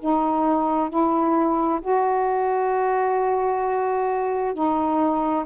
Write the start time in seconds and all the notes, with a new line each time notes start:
0.00 D#4
0.90 E4
1.82 F#4
4.54 D#4